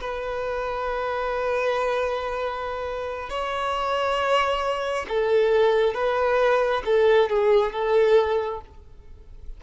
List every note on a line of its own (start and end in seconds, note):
0.00 3.29 B4
3.29 5.06 C#5
5.08 5.94 A4
5.94 6.82 B4
6.85 7.29 A4
7.29 7.72 G#4
7.72 8.60 A4